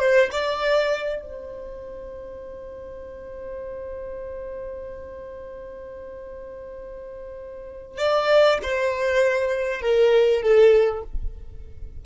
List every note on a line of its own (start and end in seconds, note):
0.00 0.30 C5
0.32 1.22 D5
1.22 7.98 C5
7.98 8.59 D5
8.63 9.82 C5
9.82 10.43 A#4
10.43 11.03 A4